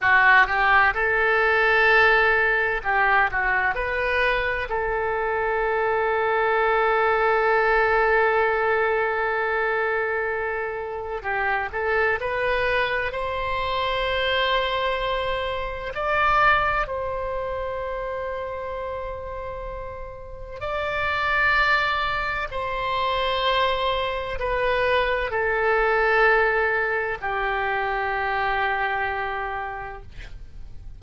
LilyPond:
\new Staff \with { instrumentName = "oboe" } { \time 4/4 \tempo 4 = 64 fis'8 g'8 a'2 g'8 fis'8 | b'4 a'2.~ | a'1 | g'8 a'8 b'4 c''2~ |
c''4 d''4 c''2~ | c''2 d''2 | c''2 b'4 a'4~ | a'4 g'2. | }